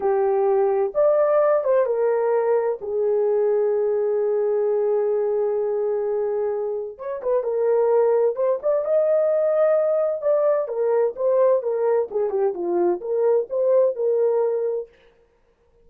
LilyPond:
\new Staff \with { instrumentName = "horn" } { \time 4/4 \tempo 4 = 129 g'2 d''4. c''8 | ais'2 gis'2~ | gis'1~ | gis'2. cis''8 b'8 |
ais'2 c''8 d''8 dis''4~ | dis''2 d''4 ais'4 | c''4 ais'4 gis'8 g'8 f'4 | ais'4 c''4 ais'2 | }